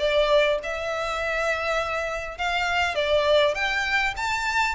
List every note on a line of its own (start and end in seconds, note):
0.00 0.59 D5
0.64 2.38 E5
2.38 2.96 F5
2.96 3.55 D5
3.55 4.14 G5
4.17 4.75 A5